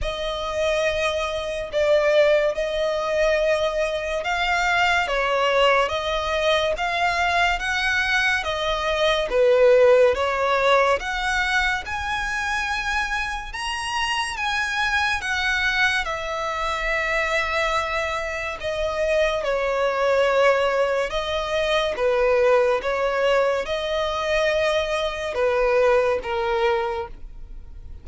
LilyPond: \new Staff \with { instrumentName = "violin" } { \time 4/4 \tempo 4 = 71 dis''2 d''4 dis''4~ | dis''4 f''4 cis''4 dis''4 | f''4 fis''4 dis''4 b'4 | cis''4 fis''4 gis''2 |
ais''4 gis''4 fis''4 e''4~ | e''2 dis''4 cis''4~ | cis''4 dis''4 b'4 cis''4 | dis''2 b'4 ais'4 | }